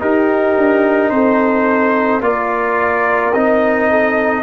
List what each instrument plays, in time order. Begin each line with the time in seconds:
0.00 trombone D#4, tuba D#4, horn G4, trumpet A#4
0.57 tuba D4
1.10 tuba C4, horn A4, trumpet C5
2.21 tuba A#3, trombone F4, horn A#4, trumpet D5
3.34 tuba C4, trombone D#4, trumpet D#5
3.91 horn A4